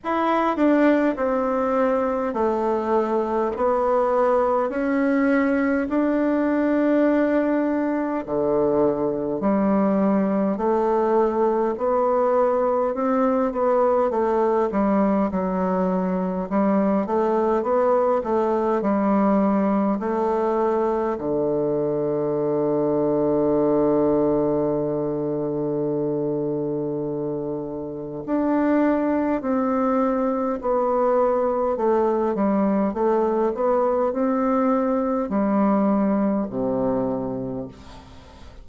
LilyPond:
\new Staff \with { instrumentName = "bassoon" } { \time 4/4 \tempo 4 = 51 e'8 d'8 c'4 a4 b4 | cis'4 d'2 d4 | g4 a4 b4 c'8 b8 | a8 g8 fis4 g8 a8 b8 a8 |
g4 a4 d2~ | d1 | d'4 c'4 b4 a8 g8 | a8 b8 c'4 g4 c4 | }